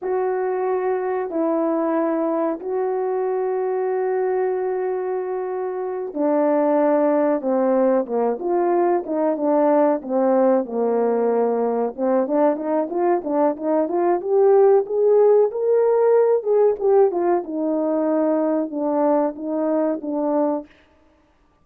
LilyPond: \new Staff \with { instrumentName = "horn" } { \time 4/4 \tempo 4 = 93 fis'2 e'2 | fis'1~ | fis'4. d'2 c'8~ | c'8 ais8 f'4 dis'8 d'4 c'8~ |
c'8 ais2 c'8 d'8 dis'8 | f'8 d'8 dis'8 f'8 g'4 gis'4 | ais'4. gis'8 g'8 f'8 dis'4~ | dis'4 d'4 dis'4 d'4 | }